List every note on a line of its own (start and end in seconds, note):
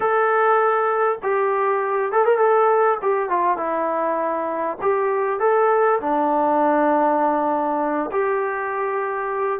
0.00 1.18 A4
1.22 2.12 G4
2.12 2.25 A4
2.25 2.38 A#4
2.38 2.98 A4
3.02 3.29 G4
3.29 3.57 F4
3.57 4.77 E4
4.81 5.39 G4
5.39 5.99 A4
6.00 8.10 D4
8.11 9.60 G4